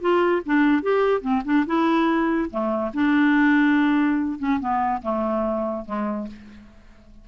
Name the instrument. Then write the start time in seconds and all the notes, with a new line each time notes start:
clarinet
0.00 F4
0.45 D4
0.82 G4
1.21 C4
1.45 D4
1.66 E4
2.50 A3
2.94 D4
4.39 C#4
4.60 B3
5.02 A3
5.85 G#3